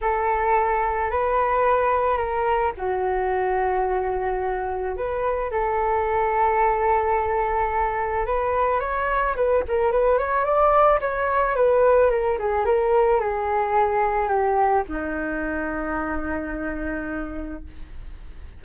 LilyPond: \new Staff \with { instrumentName = "flute" } { \time 4/4 \tempo 4 = 109 a'2 b'2 | ais'4 fis'2.~ | fis'4 b'4 a'2~ | a'2. b'4 |
cis''4 b'8 ais'8 b'8 cis''8 d''4 | cis''4 b'4 ais'8 gis'8 ais'4 | gis'2 g'4 dis'4~ | dis'1 | }